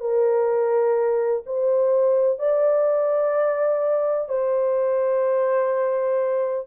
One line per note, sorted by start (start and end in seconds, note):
0.00 1.43 A#4
1.46 2.39 C5
2.39 4.29 D5
4.29 6.67 C5